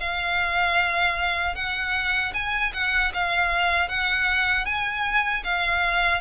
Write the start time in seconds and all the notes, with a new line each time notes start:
0.00 F5
1.55 F#5
2.34 G#5
2.74 F#5
3.14 F5
3.89 F#5
4.66 G#5
5.44 F5